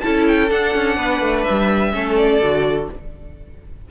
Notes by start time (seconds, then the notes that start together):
0.00 C#4 E4 A4 A5
0.28 G5
0.49 D4 F#5
0.75 C#4
0.96 B3 B4
1.21 A3
1.43 E5
1.50 G3
1.93 A3 C#4 A4
2.17 D5
2.40 D3 F#4